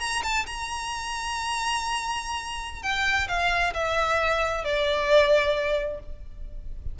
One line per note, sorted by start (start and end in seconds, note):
0.00 0.23 A#5
0.23 0.46 A5
0.46 2.83 A#5
2.83 3.28 G5
3.29 3.74 F5
3.74 4.64 E5
4.64 6.00 D5